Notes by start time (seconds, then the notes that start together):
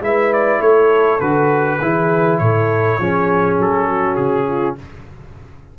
0.00 G#3 E4 B4 E5
0.33 D5
0.59 A3 A4 C#5
1.20 D3 F#4 B4
1.81 E3 E4 G#4
2.38 A2 A4 C#5
2.99 F3 C#4 G#4
3.58 F#3 A4
3.87 F#4
4.15 C#3 G#4
4.47 F4